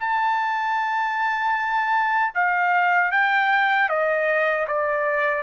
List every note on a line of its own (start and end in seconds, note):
0.00 2.34 A5
2.35 3.12 F5
3.12 3.89 G5
3.89 4.67 D#5
4.68 5.43 D5